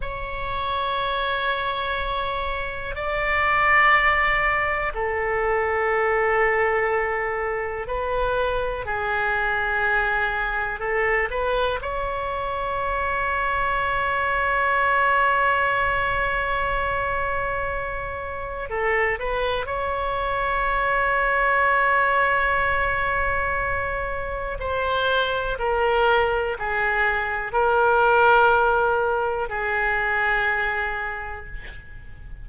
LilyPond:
\new Staff \with { instrumentName = "oboe" } { \time 4/4 \tempo 4 = 61 cis''2. d''4~ | d''4 a'2. | b'4 gis'2 a'8 b'8 | cis''1~ |
cis''2. a'8 b'8 | cis''1~ | cis''4 c''4 ais'4 gis'4 | ais'2 gis'2 | }